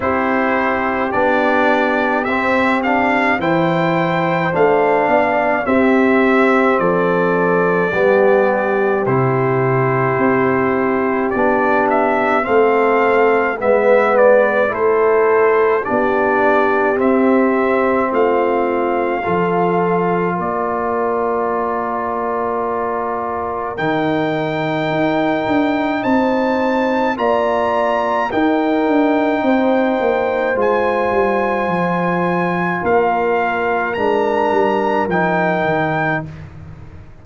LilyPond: <<
  \new Staff \with { instrumentName = "trumpet" } { \time 4/4 \tempo 4 = 53 c''4 d''4 e''8 f''8 g''4 | f''4 e''4 d''2 | c''2 d''8 e''8 f''4 | e''8 d''8 c''4 d''4 e''4 |
f''2 d''2~ | d''4 g''2 a''4 | ais''4 g''2 gis''4~ | gis''4 f''4 ais''4 g''4 | }
  \new Staff \with { instrumentName = "horn" } { \time 4/4 g'2. c''4~ | c''8 d''8 g'4 a'4 g'4~ | g'2. a'4 | b'4 a'4 g'2 |
f'4 a'4 ais'2~ | ais'2. c''4 | d''4 ais'4 c''2~ | c''4 ais'2. | }
  \new Staff \with { instrumentName = "trombone" } { \time 4/4 e'4 d'4 c'8 d'8 e'4 | d'4 c'2 b4 | e'2 d'4 c'4 | b4 e'4 d'4 c'4~ |
c'4 f'2.~ | f'4 dis'2. | f'4 dis'2 f'4~ | f'2 d'4 dis'4 | }
  \new Staff \with { instrumentName = "tuba" } { \time 4/4 c'4 b4 c'4 e4 | a8 b8 c'4 f4 g4 | c4 c'4 b4 a4 | gis4 a4 b4 c'4 |
a4 f4 ais2~ | ais4 dis4 dis'8 d'8 c'4 | ais4 dis'8 d'8 c'8 ais8 gis8 g8 | f4 ais4 gis8 g8 f8 dis8 | }
>>